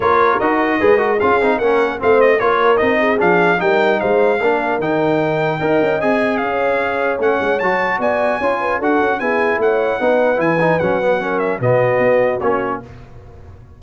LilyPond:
<<
  \new Staff \with { instrumentName = "trumpet" } { \time 4/4 \tempo 4 = 150 cis''4 dis''2 f''4 | fis''4 f''8 dis''8 cis''4 dis''4 | f''4 g''4 f''2 | g''2. gis''4 |
f''2 fis''4 a''4 | gis''2 fis''4 gis''4 | fis''2 gis''4 fis''4~ | fis''8 e''8 dis''2 cis''4 | }
  \new Staff \with { instrumentName = "horn" } { \time 4/4 ais'2 b'8 ais'8 gis'4 | ais'4 c''4 ais'4. gis'8~ | gis'4 ais'4 c''4 ais'4~ | ais'2 dis''2 |
cis''1 | d''4 cis''8 b'8 a'4 gis'4 | cis''4 b'2. | ais'4 fis'2. | }
  \new Staff \with { instrumentName = "trombone" } { \time 4/4 f'4 fis'4 gis'8 fis'8 f'8 dis'8 | cis'4 c'4 f'4 dis'4 | d'4 dis'2 d'4 | dis'2 ais'4 gis'4~ |
gis'2 cis'4 fis'4~ | fis'4 f'4 fis'4 e'4~ | e'4 dis'4 e'8 dis'8 cis'8 b8 | cis'4 b2 cis'4 | }
  \new Staff \with { instrumentName = "tuba" } { \time 4/4 ais4 dis'4 gis4 cis'8 c'8 | ais4 a4 ais4 c'4 | f4 g4 gis4 ais4 | dis2 dis'8 cis'8 c'4 |
cis'2 a8 gis8 fis4 | b4 cis'4 d'8 cis'8 b4 | a4 b4 e4 fis4~ | fis4 b,4 b4 ais4 | }
>>